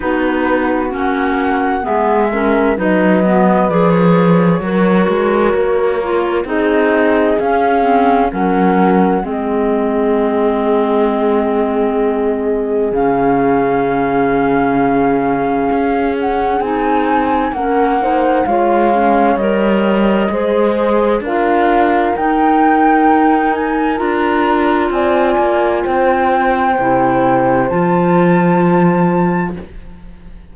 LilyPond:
<<
  \new Staff \with { instrumentName = "flute" } { \time 4/4 \tempo 4 = 65 b'4 fis''4 e''4 dis''4 | d''16 cis''2~ cis''8. dis''4 | f''4 fis''4 dis''2~ | dis''2 f''2~ |
f''4. fis''8 gis''4 fis''4 | f''4 dis''2 f''4 | g''4. gis''8 ais''4 gis''4 | g''2 a''2 | }
  \new Staff \with { instrumentName = "horn" } { \time 4/4 fis'2 gis'8 ais'8 b'4~ | b'4 ais'2 gis'4~ | gis'4 ais'4 gis'2~ | gis'1~ |
gis'2. ais'8 c''8 | cis''2 c''4 ais'4~ | ais'2. d''4 | c''1 | }
  \new Staff \with { instrumentName = "clarinet" } { \time 4/4 dis'4 cis'4 b8 cis'8 dis'8 b8 | gis'4 fis'4. f'8 dis'4 | cis'8 c'8 cis'4 c'2~ | c'2 cis'2~ |
cis'2 dis'4 cis'8 dis'8 | f'8 cis'8 ais'4 gis'4 f'4 | dis'2 f'2~ | f'4 e'4 f'2 | }
  \new Staff \with { instrumentName = "cello" } { \time 4/4 b4 ais4 gis4 fis4 | f4 fis8 gis8 ais4 c'4 | cis'4 fis4 gis2~ | gis2 cis2~ |
cis4 cis'4 c'4 ais4 | gis4 g4 gis4 d'4 | dis'2 d'4 c'8 ais8 | c'4 c4 f2 | }
>>